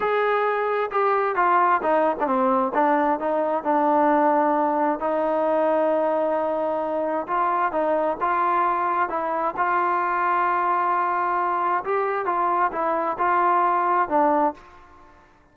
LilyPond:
\new Staff \with { instrumentName = "trombone" } { \time 4/4 \tempo 4 = 132 gis'2 g'4 f'4 | dis'8. d'16 c'4 d'4 dis'4 | d'2. dis'4~ | dis'1 |
f'4 dis'4 f'2 | e'4 f'2.~ | f'2 g'4 f'4 | e'4 f'2 d'4 | }